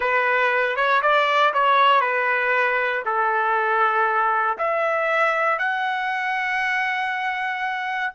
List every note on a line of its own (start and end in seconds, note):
0.00 0.75 B4
0.75 1.01 C#5
1.02 1.53 D5
1.53 2.01 C#5
2.01 3.02 B4
3.05 4.57 A4
4.58 5.59 E5
5.59 8.13 F#5